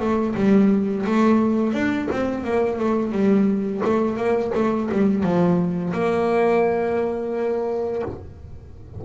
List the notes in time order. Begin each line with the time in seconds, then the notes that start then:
0.00 A3
0.36 G3
1.06 A3
1.73 D4
2.11 C4
2.44 A#3
2.79 A3
3.12 G3
3.84 A3
4.17 A#3
4.55 A3
4.92 G3
5.23 F3
5.93 A#3